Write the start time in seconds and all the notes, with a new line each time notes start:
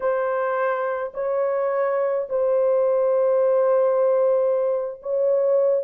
0.00 C5
1.14 C#5
2.29 C5
5.02 C#5